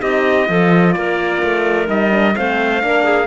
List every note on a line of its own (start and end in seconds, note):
0.00 0.49 C4
0.00 0.46 D#4
0.00 0.48 G4
0.00 0.93 D#5
0.46 0.96 F3
0.46 1.87 F4
0.46 0.95 A4
0.93 1.42 A#3
0.93 2.36 A#4
0.93 1.87 D5
1.43 1.88 A3
1.87 2.35 G3
1.87 2.10 D#4
1.87 2.36 D#5
2.11 2.34 D4
2.36 2.83 A3
2.36 2.80 C4
2.36 2.83 C5
2.36 3.27 F5
2.80 3.27 A#3
2.80 3.27 D4
2.80 3.04 A#4
3.04 3.27 G#4